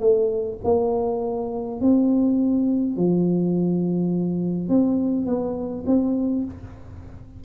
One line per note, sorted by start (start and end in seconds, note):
0.00 0.58 A3
0.64 1.81 A#3
1.81 2.97 C4
2.97 4.69 F3
4.69 5.26 C4
5.26 5.85 B3
5.86 6.45 C4